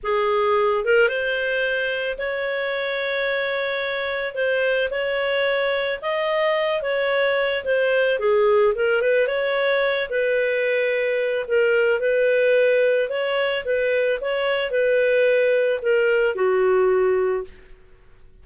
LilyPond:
\new Staff \with { instrumentName = "clarinet" } { \time 4/4 \tempo 4 = 110 gis'4. ais'8 c''2 | cis''1 | c''4 cis''2 dis''4~ | dis''8 cis''4. c''4 gis'4 |
ais'8 b'8 cis''4. b'4.~ | b'4 ais'4 b'2 | cis''4 b'4 cis''4 b'4~ | b'4 ais'4 fis'2 | }